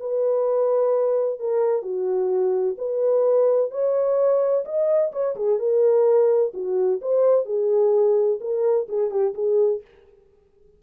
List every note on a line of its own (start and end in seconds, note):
0.00 1.40 B4
1.40 1.83 A#4
1.83 2.76 F#4
2.78 3.71 B4
3.71 4.65 C#5
4.65 5.12 D#5
5.13 5.36 C#5
5.36 5.59 G#4
5.59 6.53 A#4
6.54 7.01 F#4
7.02 7.46 C5
7.46 8.40 G#4
8.41 8.88 A#4
8.89 9.11 G#4
9.11 9.34 G4
9.35 9.82 G#4